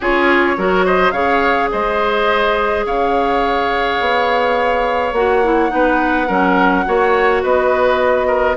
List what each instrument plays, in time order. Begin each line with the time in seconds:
0.00 bassoon C#4, clarinet F4, oboe G#4, flute C#5
0.57 bassoon F#3, clarinet F#4, oboe A#4
0.85 oboe C5, flute D#5
1.11 bassoon C#3, clarinet G#4, oboe C#5, flute F5
1.71 bassoon G#3, oboe C5, flute D#5
2.85 bassoon C#3, oboe C#5, flute F5
3.99 bassoon B3
5.12 bassoon A#3, clarinet F#4, flute F#5
5.43 clarinet E4
5.69 bassoon B3, clarinet D#4, oboe B4
6.27 bassoon F#3, clarinet C#4, oboe A#4
6.85 bassoon A#3, clarinet F#4, oboe C#5
7.42 bassoon B3, oboe B4, flute D#5
8.27 oboe A#4